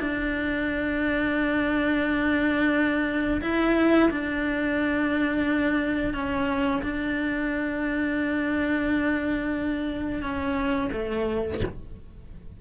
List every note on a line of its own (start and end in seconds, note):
0.00 3.41 D4
3.41 4.09 E4
4.10 6.14 D4
6.14 6.82 C#4
6.82 10.22 D4
10.22 10.90 C#4
10.92 11.61 A3